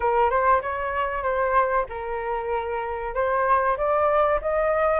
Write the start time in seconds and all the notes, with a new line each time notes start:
0.00 A#4
0.30 C5
0.61 C#5
1.22 C5
1.89 A#4
3.14 C5
3.77 D5
4.41 D#5